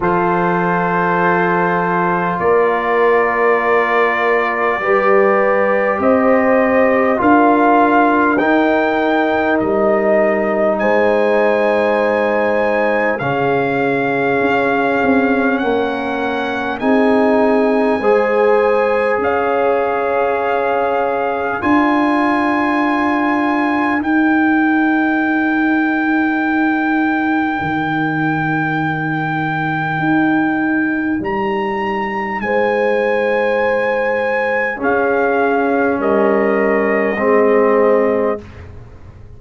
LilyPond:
<<
  \new Staff \with { instrumentName = "trumpet" } { \time 4/4 \tempo 4 = 50 c''2 d''2~ | d''4 dis''4 f''4 g''4 | dis''4 gis''2 f''4~ | f''4 fis''4 gis''2 |
f''2 gis''2 | g''1~ | g''2 ais''4 gis''4~ | gis''4 f''4 dis''2 | }
  \new Staff \with { instrumentName = "horn" } { \time 4/4 a'2 ais'2 | b'4 c''4 ais'2~ | ais'4 c''2 gis'4~ | gis'4 ais'4 gis'4 c''4 |
cis''2 ais'2~ | ais'1~ | ais'2. c''4~ | c''4 gis'4 ais'4 gis'4 | }
  \new Staff \with { instrumentName = "trombone" } { \time 4/4 f'1 | g'2 f'4 dis'4~ | dis'2. cis'4~ | cis'2 dis'4 gis'4~ |
gis'2 f'2 | dis'1~ | dis'1~ | dis'4 cis'2 c'4 | }
  \new Staff \with { instrumentName = "tuba" } { \time 4/4 f2 ais2 | g4 c'4 d'4 dis'4 | g4 gis2 cis4 | cis'8 c'8 ais4 c'4 gis4 |
cis'2 d'2 | dis'2. dis4~ | dis4 dis'4 g4 gis4~ | gis4 cis'4 g4 gis4 | }
>>